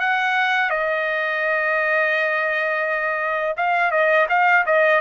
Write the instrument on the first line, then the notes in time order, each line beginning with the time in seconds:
trumpet
0.00 F#5
0.70 D#5
3.57 F5
3.91 D#5
4.29 F5
4.66 D#5